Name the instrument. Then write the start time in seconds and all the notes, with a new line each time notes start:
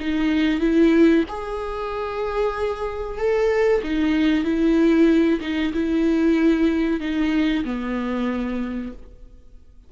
viola
0.00 D#4
0.61 E4
1.29 G#4
3.18 A4
3.84 D#4
4.44 E4
5.41 D#4
5.74 E4
7.01 D#4
7.65 B3